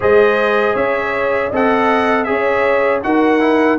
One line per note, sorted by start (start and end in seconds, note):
0.00 0.75 G#3
0.00 1.52 G#4
0.00 0.74 C5
0.00 0.76 D#5
0.74 1.51 C#4
0.74 1.49 C#5
0.74 1.52 E5
1.49 2.28 C4
1.49 2.25 A4
1.49 2.25 D#5
1.55 2.23 F#5
2.23 3.03 C#4
2.23 3.01 G#4
2.23 3.04 C#5
2.23 2.99 E5
3.03 3.79 D#4
3.03 3.40 F#4
3.03 3.79 A#4
3.03 3.79 F#5
3.40 3.78 E4